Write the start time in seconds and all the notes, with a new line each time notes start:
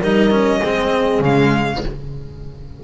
0.00 G3 D#4 A#4 D#5
0.31 C#4
0.61 G#3 C4 G#4
1.20 C#3 G#3 F5